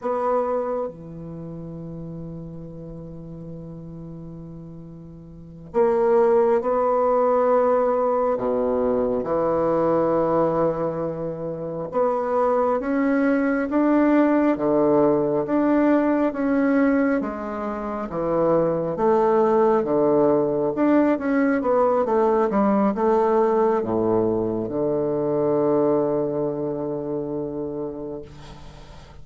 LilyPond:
\new Staff \with { instrumentName = "bassoon" } { \time 4/4 \tempo 4 = 68 b4 e2.~ | e2~ e8 ais4 b8~ | b4. b,4 e4.~ | e4. b4 cis'4 d'8~ |
d'8 d4 d'4 cis'4 gis8~ | gis8 e4 a4 d4 d'8 | cis'8 b8 a8 g8 a4 a,4 | d1 | }